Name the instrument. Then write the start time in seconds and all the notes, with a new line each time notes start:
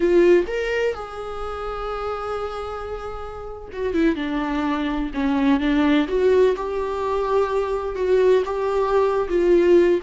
viola
0.00 F4
0.47 A#4
0.94 G#4
3.72 F#4
3.93 E4
4.15 D4
5.14 C#4
5.60 D4
6.08 F#4
6.56 G4
7.95 F#4
8.45 G4
9.29 F4